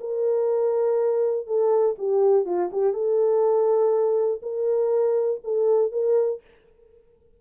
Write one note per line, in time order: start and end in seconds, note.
0.00 1.46 A#4
1.46 1.96 A4
1.98 2.45 G4
2.45 2.70 F4
2.72 2.94 G4
2.94 4.41 A4
4.42 5.41 A#4
5.44 5.92 A4
5.92 6.41 A#4